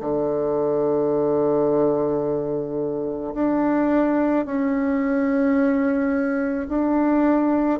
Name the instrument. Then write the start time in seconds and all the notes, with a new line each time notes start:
bassoon
0.00 D3
3.34 D4
4.45 C#4
6.68 D4